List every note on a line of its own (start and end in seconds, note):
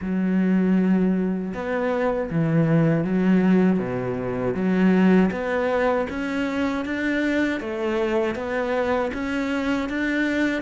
0.01 1.53 F#3
1.54 2.30 B3
2.30 3.04 E3
3.04 3.79 F#3
3.79 4.54 B2
4.54 5.30 F#3
5.31 6.07 B3
6.09 6.85 C#4
6.85 7.60 D4
7.60 8.35 A3
8.35 9.11 B3
9.13 9.89 C#4
9.89 10.62 D4